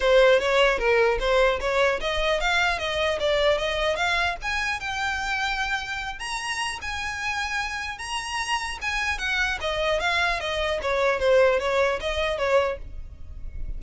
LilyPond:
\new Staff \with { instrumentName = "violin" } { \time 4/4 \tempo 4 = 150 c''4 cis''4 ais'4 c''4 | cis''4 dis''4 f''4 dis''4 | d''4 dis''4 f''4 gis''4 | g''2.~ g''8 ais''8~ |
ais''4 gis''2. | ais''2 gis''4 fis''4 | dis''4 f''4 dis''4 cis''4 | c''4 cis''4 dis''4 cis''4 | }